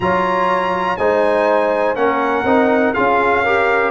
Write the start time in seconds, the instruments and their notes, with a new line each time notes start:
0.00 tuba F#3, trombone F4, horn C#5, trumpet A#5
0.97 tuba G#3, trombone D#4, horn C5, trumpet G#5
1.95 tuba A#3, trombone C#4, horn A#4, trumpet F#5
2.44 tuba C4, trombone D#4
2.93 tuba C#4, trombone F4, horn G#4, trumpet F5
3.43 trombone G4, horn A#4